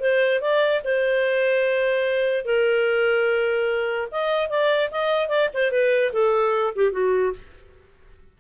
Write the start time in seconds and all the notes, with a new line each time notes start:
0.00 C5
0.41 D5
0.84 C5
2.45 A#4
4.11 D#5
4.49 D5
4.91 D#5
5.28 D5
5.54 C5
5.71 B4
6.12 A4
6.75 G4
6.92 F#4